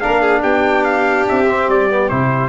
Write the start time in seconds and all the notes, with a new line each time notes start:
0.00 A#3 D4 A#4 F5
0.21 G#4
0.42 B3 G4 G5
0.84 F5
1.28 C4 E5
1.48 C4
1.68 G3 D5
1.90 B3
2.09 C3 E4 C5